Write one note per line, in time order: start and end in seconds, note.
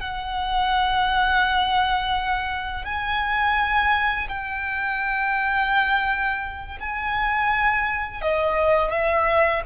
0.00 2.84 F#5
2.84 4.27 G#5
4.28 6.78 G5
6.80 8.21 G#5
8.21 8.91 D#5
8.91 9.62 E5